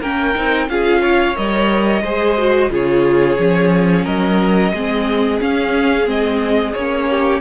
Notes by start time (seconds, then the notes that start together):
0.00 A#3 C#4 A#4 G5
0.34 C4 D#4
0.69 C#4 F4 G#4 F5
1.01 C#5
1.35 G3 A#4 D#5
2.02 G#3 G#4 C5
2.37 F#4
2.70 C#3 F4 G#4 C#5
3.38 F3 C#4
4.04 F#3 A#4 D#5
4.72 G#3 C4 G#4
5.40 C#4 F5
6.05 G#3 C4 D#5
6.73 A#3 C#4 C#5
7.09 G4